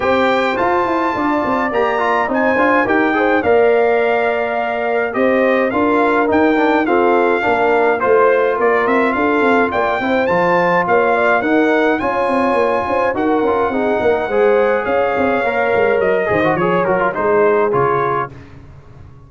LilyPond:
<<
  \new Staff \with { instrumentName = "trumpet" } { \time 4/4 \tempo 4 = 105 g''4 a''2 ais''4 | gis''4 g''4 f''2~ | f''4 dis''4 f''4 g''4 | f''2 c''4 d''8 e''8 |
f''4 g''4 a''4 f''4 | fis''4 gis''2 fis''4~ | fis''2 f''2 | dis''4 cis''8 ais'8 c''4 cis''4 | }
  \new Staff \with { instrumentName = "horn" } { \time 4/4 c''2 d''2 | c''4 ais'8 c''8 d''2~ | d''4 c''4 ais'2 | a'4 ais'4 c''4 ais'4 |
a'4 d''8 c''4. cis''8 d''8 | ais'4 cis''4. c''8 ais'4 | gis'8 ais'8 c''4 cis''2~ | cis''8 c''8 cis''4 gis'2 | }
  \new Staff \with { instrumentName = "trombone" } { \time 4/4 g'4 f'2 g'8 f'8 | dis'8 f'8 g'8 gis'8 ais'2~ | ais'4 g'4 f'4 dis'8 d'8 | c'4 d'4 f'2~ |
f'4. e'8 f'2 | dis'4 f'2 fis'8 f'8 | dis'4 gis'2 ais'4~ | ais'8 gis'16 fis'16 gis'8 fis'16 f'16 dis'4 f'4 | }
  \new Staff \with { instrumentName = "tuba" } { \time 4/4 c'4 f'8 e'8 d'8 c'8 ais4 | c'8 d'8 dis'4 ais2~ | ais4 c'4 d'4 dis'4 | f'4 ais4 a4 ais8 c'8 |
d'8 c'8 ais8 c'8 f4 ais4 | dis'4 cis'8 c'8 ais8 cis'8 dis'8 cis'8 | c'8 ais8 gis4 cis'8 c'8 ais8 gis8 | fis8 dis8 f8 fis8 gis4 cis4 | }
>>